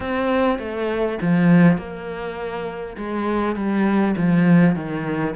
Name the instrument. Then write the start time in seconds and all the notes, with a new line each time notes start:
cello
0.00 C4
0.59 A3
1.21 F3
1.77 A#3
2.97 G#3
3.55 G3
4.16 F3
4.75 D#3